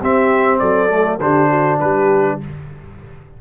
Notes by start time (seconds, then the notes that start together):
0.00 C4 G4 E5
0.58 F#3 A4 D5
0.89 A3
1.19 D3 D4 G4 C5
1.49 F#4
1.79 G3 G4 B4